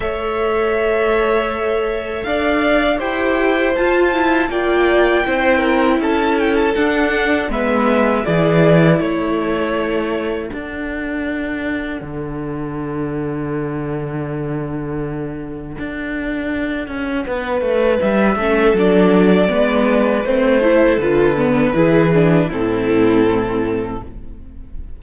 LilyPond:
<<
  \new Staff \with { instrumentName = "violin" } { \time 4/4 \tempo 4 = 80 e''2. f''4 | g''4 a''4 g''2 | a''8 g''16 a''16 fis''4 e''4 d''4 | cis''2 fis''2~ |
fis''1~ | fis''1 | e''4 d''2 c''4 | b'2 a'2 | }
  \new Staff \with { instrumentName = "violin" } { \time 4/4 cis''2. d''4 | c''2 d''4 c''8 ais'8 | a'2 b'4 gis'4 | a'1~ |
a'1~ | a'2. b'4~ | b'8 a'4. b'4. a'8~ | a'4 gis'4 e'2 | }
  \new Staff \with { instrumentName = "viola" } { \time 4/4 a'1 | g'4 f'8 e'8 f'4 e'4~ | e'4 d'4 b4 e'4~ | e'2 d'2~ |
d'1~ | d'1~ | d'8 cis'8 d'4 b4 c'8 e'8 | f'8 b8 e'8 d'8 c'2 | }
  \new Staff \with { instrumentName = "cello" } { \time 4/4 a2. d'4 | e'4 f'4 ais4 c'4 | cis'4 d'4 gis4 e4 | a2 d'2 |
d1~ | d4 d'4. cis'8 b8 a8 | g8 a8 fis4 gis4 a4 | d4 e4 a,2 | }
>>